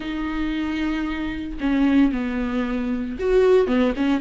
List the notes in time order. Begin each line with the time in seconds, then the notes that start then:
0.00 D#4
1.60 C#4
2.11 B3
3.19 F#4
3.67 B3
3.96 C#4